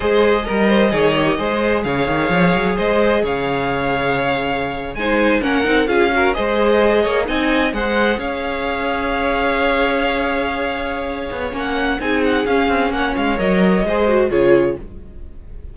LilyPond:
<<
  \new Staff \with { instrumentName = "violin" } { \time 4/4 \tempo 4 = 130 dis''1 | f''2 dis''4 f''4~ | f''2~ f''8. gis''4 fis''16~ | fis''8. f''4 dis''2 gis''16~ |
gis''8. fis''4 f''2~ f''16~ | f''1~ | f''4 fis''4 gis''8 fis''8 f''4 | fis''8 f''8 dis''2 cis''4 | }
  \new Staff \with { instrumentName = "violin" } { \time 4/4 c''4 ais'8 c''8 cis''4 c''4 | cis''2 c''4 cis''4~ | cis''2~ cis''8. c''4 ais'16~ | ais'8. gis'8 ais'8 c''4. cis''8 dis''16~ |
dis''8. c''4 cis''2~ cis''16~ | cis''1~ | cis''2 gis'2 | cis''2 c''4 gis'4 | }
  \new Staff \with { instrumentName = "viola" } { \time 4/4 gis'4 ais'4 gis'8 g'8 gis'4~ | gis'1~ | gis'2~ gis'8. dis'4 cis'16~ | cis'16 dis'8 f'8 fis'8 gis'2 dis'16~ |
dis'8. gis'2.~ gis'16~ | gis'1~ | gis'4 cis'4 dis'4 cis'4~ | cis'4 ais'4 gis'8 fis'8 f'4 | }
  \new Staff \with { instrumentName = "cello" } { \time 4/4 gis4 g4 dis4 gis4 | cis8 dis8 f8 fis8 gis4 cis4~ | cis2~ cis8. gis4 ais16~ | ais16 c'8 cis'4 gis4. ais8 c'16~ |
c'8. gis4 cis'2~ cis'16~ | cis'1~ | cis'8 b8 ais4 c'4 cis'8 c'8 | ais8 gis8 fis4 gis4 cis4 | }
>>